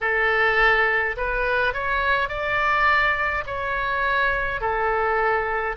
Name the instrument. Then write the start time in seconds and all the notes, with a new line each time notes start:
oboe
0.00 A4
1.16 B4
1.73 C#5
2.28 D5
3.46 C#5
4.60 A4